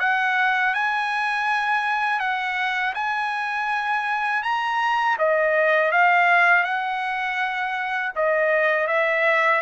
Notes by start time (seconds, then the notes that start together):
0.00 F#5
0.74 G#5
2.20 F#5
2.95 G#5
4.43 A#5
5.19 D#5
5.92 F5
6.64 F#5
8.16 D#5
8.87 E5